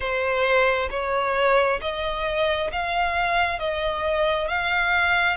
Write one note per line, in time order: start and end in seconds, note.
0.00 0.89 C5
0.90 1.80 C#5
1.81 2.71 D#5
2.72 3.59 F5
3.59 4.48 D#5
4.48 5.36 F5